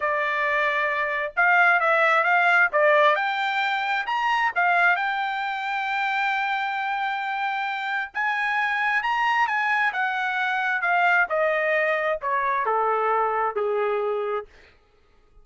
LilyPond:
\new Staff \with { instrumentName = "trumpet" } { \time 4/4 \tempo 4 = 133 d''2. f''4 | e''4 f''4 d''4 g''4~ | g''4 ais''4 f''4 g''4~ | g''1~ |
g''2 gis''2 | ais''4 gis''4 fis''2 | f''4 dis''2 cis''4 | a'2 gis'2 | }